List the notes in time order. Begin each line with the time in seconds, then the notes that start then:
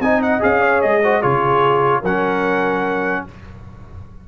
0.00 C4 D#4 D#5 G#5
0.22 F#5
0.40 C#4 G#4 F5
0.61 C#5
0.81 G#3 D#5
1.03 F#4 C5
1.21 C#3 F4 G#4 C#5
2.01 F#3 C#4 A#4 F#5